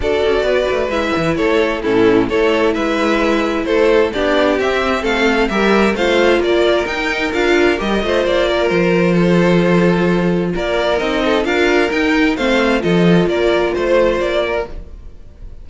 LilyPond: <<
  \new Staff \with { instrumentName = "violin" } { \time 4/4 \tempo 4 = 131 d''2 e''4 cis''4 | a'4 cis''4 e''2 | c''4 d''4 e''4 f''4 | e''4 f''4 d''4 g''4 |
f''4 dis''4 d''4 c''4~ | c''2. d''4 | dis''4 f''4 g''4 f''4 | dis''4 d''4 c''4 d''4 | }
  \new Staff \with { instrumentName = "violin" } { \time 4/4 a'4 b'2 a'4 | e'4 a'4 b'2 | a'4 g'2 a'4 | ais'4 c''4 ais'2~ |
ais'4. c''4 ais'4. | a'2. ais'4~ | ais'8 a'8 ais'2 c''4 | a'4 ais'4 c''4. ais'8 | }
  \new Staff \with { instrumentName = "viola" } { \time 4/4 fis'2 e'2 | cis'4 e'2.~ | e'4 d'4 c'2 | g'4 f'2 dis'4 |
f'4 g'8 f'2~ f'8~ | f'1 | dis'4 f'4 dis'4 c'4 | f'1 | }
  \new Staff \with { instrumentName = "cello" } { \time 4/4 d'8 cis'8 b8 a8 gis8 e8 a4 | a,4 a4 gis2 | a4 b4 c'4 a4 | g4 a4 ais4 dis'4 |
d'4 g8 a8 ais4 f4~ | f2. ais4 | c'4 d'4 dis'4 a4 | f4 ais4 a4 ais4 | }
>>